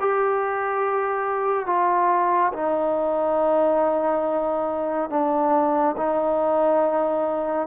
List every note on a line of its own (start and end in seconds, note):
0.00 1.66 G4
1.66 2.52 F4
2.53 5.10 D#4
5.10 5.95 D4
5.97 7.67 D#4